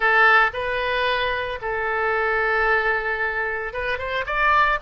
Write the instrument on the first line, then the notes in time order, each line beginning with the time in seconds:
oboe
0.00 A4
0.53 B4
1.61 A4
3.73 B4
3.98 C5
4.26 D5